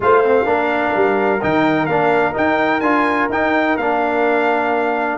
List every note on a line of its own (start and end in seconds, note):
0.00 0.45 A3
0.00 0.24 F4
0.00 0.46 C5
0.00 1.43 F5
0.24 0.45 C4
0.45 0.93 A#3
0.45 1.39 D4
0.45 5.17 A#4
0.95 1.42 G3
1.41 1.87 D#3
1.41 1.89 D#4
1.41 1.86 G5
1.86 2.34 A#3
1.86 2.33 D4
1.86 2.33 F5
2.33 2.80 D#4
2.33 2.81 D#4
2.33 2.80 G5
2.80 3.28 D4
2.80 3.30 F4
2.80 3.27 G#5
3.28 3.76 D#4
3.28 3.80 D#4
3.28 3.77 G5
3.77 5.17 A#3
3.77 5.17 D4
3.77 5.17 F5